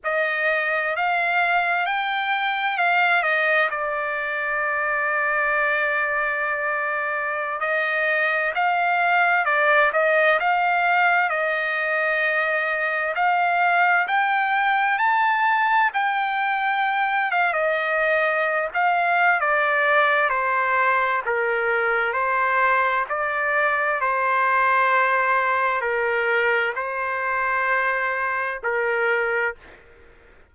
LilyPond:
\new Staff \with { instrumentName = "trumpet" } { \time 4/4 \tempo 4 = 65 dis''4 f''4 g''4 f''8 dis''8 | d''1~ | d''16 dis''4 f''4 d''8 dis''8 f''8.~ | f''16 dis''2 f''4 g''8.~ |
g''16 a''4 g''4. f''16 dis''4~ | dis''16 f''8. d''4 c''4 ais'4 | c''4 d''4 c''2 | ais'4 c''2 ais'4 | }